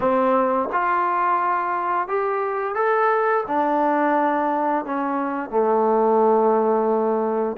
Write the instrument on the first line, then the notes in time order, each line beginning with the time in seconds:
trombone
0.00 C4
0.72 F4
2.08 G4
2.75 A4
3.47 D4
4.85 C#4
5.50 A3